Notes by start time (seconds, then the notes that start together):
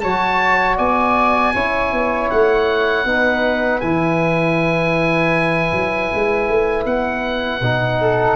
0.00 F#3 F#4 C#5 A5
0.77 B3 D5 G#5
1.55 C#4 E4 C#5
1.93 B3
2.31 A3 F#5
3.05 B3 D#4 B4
3.80 E3 E4 G#5
5.72 F#3
6.15 G#3
6.49 A3
6.86 B3 F#5
7.61 B2 D#4
8.01 A4